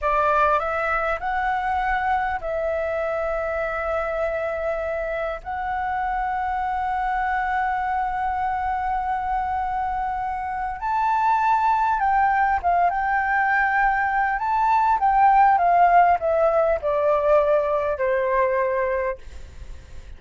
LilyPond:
\new Staff \with { instrumentName = "flute" } { \time 4/4 \tempo 4 = 100 d''4 e''4 fis''2 | e''1~ | e''4 fis''2.~ | fis''1~ |
fis''2 a''2 | g''4 f''8 g''2~ g''8 | a''4 g''4 f''4 e''4 | d''2 c''2 | }